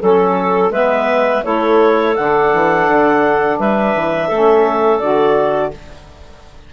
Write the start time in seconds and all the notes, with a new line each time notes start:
0.00 F#3 C#4 A4
0.70 G#3 B3 B4 E5
1.43 A3 E4 A4 C#5
2.16 D3 D4 F#5
2.53 E3
2.88 D3
3.59 G3 B4 E5
3.96 E3
4.28 A3 C#4 A4
4.99 D3 F#4 D5